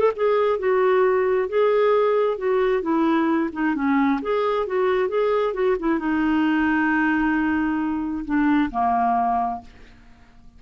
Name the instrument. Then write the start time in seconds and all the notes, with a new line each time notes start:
clarinet
0.00 A4
0.15 G#4
0.59 F#4
1.48 G#4
2.38 F#4
2.82 E4
3.52 D#4
3.75 C#4
4.21 G#4
4.66 F#4
5.08 G#4
5.53 F#4
5.79 E4
5.99 D#4
8.25 D4
8.71 A#3